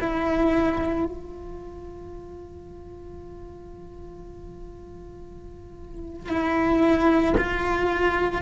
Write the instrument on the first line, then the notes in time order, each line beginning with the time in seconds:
cello
0.00 E4
1.05 F4
6.29 E4
7.37 F4